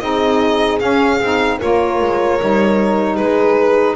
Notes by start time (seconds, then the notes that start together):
0.00 C4 D#4 G#4 D#5
0.80 C#4 F5
1.21 C4 D#4
1.59 A#3 F4 A#4 C#5
2.01 G#3
2.40 G3 D#4
3.16 G#3 G#4 B4